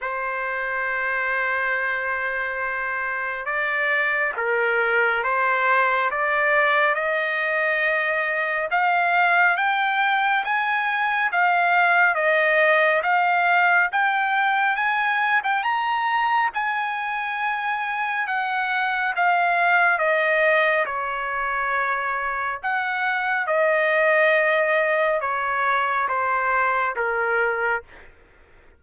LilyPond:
\new Staff \with { instrumentName = "trumpet" } { \time 4/4 \tempo 4 = 69 c''1 | d''4 ais'4 c''4 d''4 | dis''2 f''4 g''4 | gis''4 f''4 dis''4 f''4 |
g''4 gis''8. g''16 ais''4 gis''4~ | gis''4 fis''4 f''4 dis''4 | cis''2 fis''4 dis''4~ | dis''4 cis''4 c''4 ais'4 | }